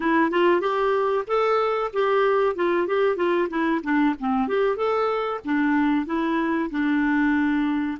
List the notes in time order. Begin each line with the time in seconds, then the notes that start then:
0.00 E4
0.30 F4
0.60 G4
1.27 A4
1.93 G4
2.55 F4
2.87 G4
3.16 F4
3.49 E4
3.83 D4
4.19 C4
4.47 G4
4.76 A4
5.44 D4
6.06 E4
6.70 D4